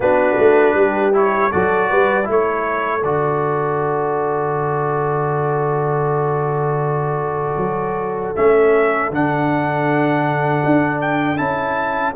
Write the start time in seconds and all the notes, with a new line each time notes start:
0.00 B3 D4 F#4 B4
0.38 A3
0.74 G3 G4
1.13 E4 C#5
1.51 F#3 F#4 A4 D5
1.89 G3 B4
2.24 A3 E4
2.30 A4 C#5
3.03 D3 F#4 D5
7.56 F#3
8.35 A3 C#4 E5
9.10 D3 D4 F#5
10.64 D4
11.01 G5
11.37 C#4 E4 A5